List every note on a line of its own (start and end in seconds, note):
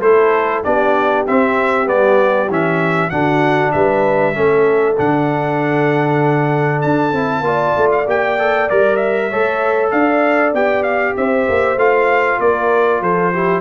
0.00 0.62 A3
0.00 0.64 E4
0.00 0.63 A4
0.00 0.63 C5
0.63 1.27 B3
0.63 1.26 D4
0.63 3.11 G4
0.63 1.25 D5
1.27 1.85 C4
1.27 1.87 C4
1.27 1.88 E5
1.85 2.49 G3
1.85 2.47 B3
1.85 2.50 D5
2.49 3.11 E3
2.49 3.11 C#4
2.49 3.09 E5
3.09 3.73 D3
3.09 4.34 D4
3.09 3.73 F#4
3.09 3.71 F#5
3.72 4.36 G3
3.72 4.35 B4
3.72 4.95 E5
4.34 4.98 A3
4.34 4.95 C#4
4.34 7.45 A4
4.97 6.84 D3
4.97 7.13 D4
4.97 6.81 F#5
6.81 7.12 D4
6.81 7.89 A5
7.12 7.40 C4
7.12 7.43 E4
7.40 7.71 A#3
7.40 8.05 F4
7.40 9.29 D5
7.76 8.06 A3
7.91 8.06 F5
8.06 8.68 A#3
8.06 8.38 G4
8.06 8.69 G5
8.38 8.69 A4
8.69 9.32 G3
8.69 9.31 A#4
8.69 8.96 D5
8.96 9.89 E5
9.29 9.92 A3
9.29 10.55 A4
9.29 9.91 C#5
9.91 10.53 D4
9.91 11.15 D5
9.91 10.52 F5
10.53 11.15 B3
10.53 11.78 G4
10.53 10.83 G5
10.83 11.14 F5
11.16 11.47 C4
11.16 12.41 C5
11.16 11.78 E5
11.48 11.76 A#3
11.76 12.38 A3
11.76 13.32 F4
11.76 12.40 F5
12.39 13.01 A#3
12.39 13.01 A#4
12.39 13.02 D5
13.01 13.60 F3
13.01 13.32 A4
13.01 13.60 C5
13.32 13.60 E4
13.32 13.60 G4